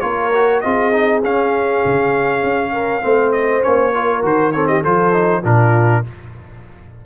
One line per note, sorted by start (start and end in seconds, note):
0.00 0.63 A#3
0.00 0.30 F4
0.00 0.63 A#4
0.00 0.60 C#5
0.34 0.64 F#4
0.60 1.24 C4
0.60 0.92 F4
0.60 2.72 G#4
0.60 1.20 D#5
0.92 1.22 D#4
1.24 1.84 C#4
1.24 3.01 C#4
1.24 3.32 F5
1.85 2.43 C#3
2.43 3.03 C#4
2.72 3.02 A#4
3.01 3.63 A3
3.01 3.60 C4
3.01 3.95 C5
3.32 3.62 D#5
3.60 4.23 A#3
3.60 3.91 C#4
3.60 4.23 C#5
3.94 4.22 F4
3.94 4.54 A#4
4.22 4.83 D#3
4.22 4.52 F#4
4.22 4.51 C5
4.51 4.84 C4
4.51 4.68 A4
4.51 4.66 C#5
4.67 4.82 G4
4.67 4.82 D#5
4.82 5.44 F3
4.82 5.12 F4
4.82 5.42 A4
4.82 5.44 C5
5.12 5.42 D#4
5.43 6.04 A#2
5.43 6.04 D4
5.43 6.03 F4
5.43 6.05 A#4